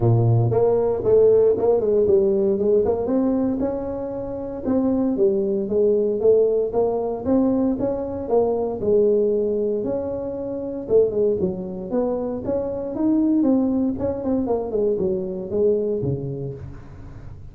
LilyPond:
\new Staff \with { instrumentName = "tuba" } { \time 4/4 \tempo 4 = 116 ais,4 ais4 a4 ais8 gis8 | g4 gis8 ais8 c'4 cis'4~ | cis'4 c'4 g4 gis4 | a4 ais4 c'4 cis'4 |
ais4 gis2 cis'4~ | cis'4 a8 gis8 fis4 b4 | cis'4 dis'4 c'4 cis'8 c'8 | ais8 gis8 fis4 gis4 cis4 | }